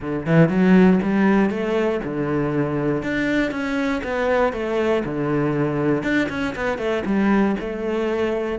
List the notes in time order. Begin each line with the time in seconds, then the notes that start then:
0.00 D3
0.26 E3
0.48 F#3
1.02 G3
1.49 A3
2.04 D3
3.02 D4
3.51 C#4
4.03 B3
4.52 A3
5.04 D3
6.03 D4
6.29 C#4
6.55 B3
6.77 A3
7.05 G3
7.60 A3